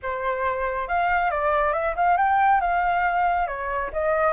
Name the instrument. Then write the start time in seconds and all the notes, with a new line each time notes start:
flute
0.02 C5
0.87 F5
1.30 D5
1.73 E5
1.96 F5
2.17 G5
2.60 F5
3.47 C#5
3.92 D#5